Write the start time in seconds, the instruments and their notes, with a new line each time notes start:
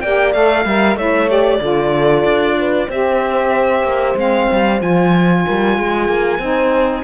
0.00 cello A#3, saxophone G4, horn D5, violin G5
0.33 cello A3, saxophone A4, violin F5
0.65 cello G3, saxophone A#4, horn E5
0.96 cello A3, saxophone E4, horn C#5, violin E5
1.28 saxophone G4, violin D5
1.60 cello D3, saxophone F4, horn A4
2.24 cello D4
2.58 horn B4
2.87 cello C4, saxophone G4, horn C5, violin E5
3.83 cello A#3
4.15 cello G#3, saxophone C4, violin F5
4.52 cello G3
4.79 cello F3, saxophone F4, violin G#5
5.46 cello G3, horn A#4
5.77 cello G#3, horn G#4
6.08 cello A#3
6.39 cello C4, saxophone D#4, horn C5